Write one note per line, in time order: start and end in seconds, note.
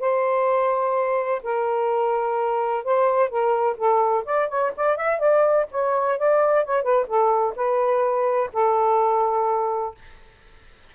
0.00 1.42 C5
1.43 2.85 A#4
2.85 3.30 C5
3.30 3.77 A#4
3.77 4.24 A4
4.25 4.49 D5
4.49 4.72 C#5
4.77 4.97 D5
4.97 5.19 E5
5.19 5.66 D5
5.71 6.18 C#5
6.18 6.65 D5
6.65 6.83 C#5
6.83 7.07 B4
7.07 7.54 A4
7.56 8.51 B4
8.53 9.95 A4